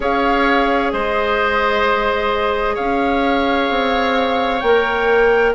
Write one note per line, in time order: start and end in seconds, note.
0.00 0.92 C#4
0.00 4.60 G#4
0.00 0.92 C#5
0.00 0.91 F5
0.91 2.77 G#3
0.91 2.74 C5
0.91 2.76 D#5
2.74 3.69 C#4
2.74 5.51 C#5
2.74 4.60 F5
3.69 4.61 C4
4.60 5.54 A#3
4.60 5.54 A#4
4.60 5.52 G5